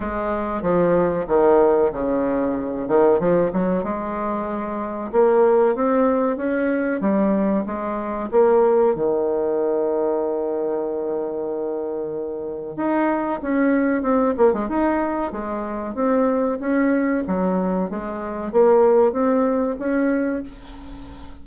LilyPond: \new Staff \with { instrumentName = "bassoon" } { \time 4/4 \tempo 4 = 94 gis4 f4 dis4 cis4~ | cis8 dis8 f8 fis8 gis2 | ais4 c'4 cis'4 g4 | gis4 ais4 dis2~ |
dis1 | dis'4 cis'4 c'8 ais16 gis16 dis'4 | gis4 c'4 cis'4 fis4 | gis4 ais4 c'4 cis'4 | }